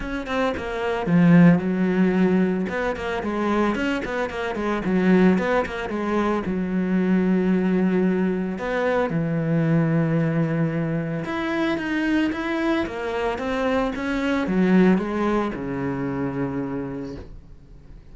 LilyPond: \new Staff \with { instrumentName = "cello" } { \time 4/4 \tempo 4 = 112 cis'8 c'8 ais4 f4 fis4~ | fis4 b8 ais8 gis4 cis'8 b8 | ais8 gis8 fis4 b8 ais8 gis4 | fis1 |
b4 e2.~ | e4 e'4 dis'4 e'4 | ais4 c'4 cis'4 fis4 | gis4 cis2. | }